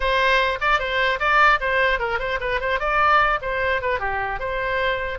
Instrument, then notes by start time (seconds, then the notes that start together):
oboe
0.00 C5
0.61 D5
0.79 C5
1.19 D5
1.60 C5
1.99 A#4
2.19 C5
2.40 B4
2.60 C5
2.79 D5
3.41 C5
3.81 B4
3.99 G4
4.39 C5